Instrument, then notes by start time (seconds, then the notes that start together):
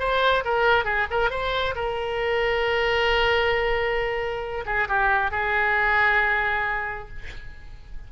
oboe
0.00 C5
0.45 A#4
0.85 G#4
1.11 A#4
1.31 C5
1.76 A#4
4.66 G#4
4.89 G4
5.31 G#4